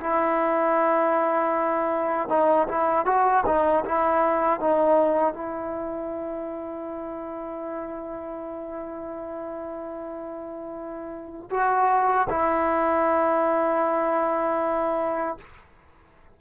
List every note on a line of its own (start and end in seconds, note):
0.00 2.29 E4
2.29 2.67 D#4
2.68 3.06 E4
3.06 3.44 F#4
3.46 3.84 D#4
3.85 4.60 E4
4.60 5.34 D#4
5.34 11.49 E4
11.50 12.27 F#4
12.30 15.37 E4